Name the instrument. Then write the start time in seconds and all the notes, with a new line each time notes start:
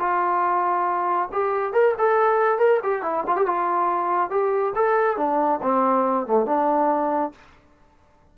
trombone
0.00 F4
1.33 G4
1.74 A#4
1.99 A4
2.59 A#4
2.84 G4
3.03 E4
3.27 F4
3.36 G4
3.47 F4
4.31 G4
4.76 A4
5.18 D4
5.63 C4
6.27 A3
6.46 D4